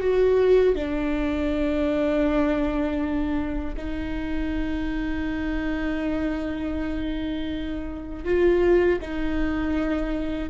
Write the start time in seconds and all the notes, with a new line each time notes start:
0.00 F#4
0.75 D4
3.77 D#4
8.24 F4
9.01 D#4